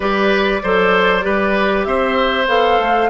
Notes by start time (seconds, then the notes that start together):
0.00 G3 G4 B4 D5
0.62 F#3 A4 C5
1.21 G3 G4 B4
1.84 C4 C5 E5
2.47 B3 A4 F5
2.79 A3